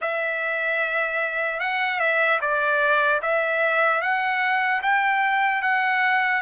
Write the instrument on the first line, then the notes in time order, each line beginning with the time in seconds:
trumpet
0.01 E5
1.60 F#5
1.99 E5
2.41 D5
3.22 E5
4.01 F#5
4.82 G5
5.62 F#5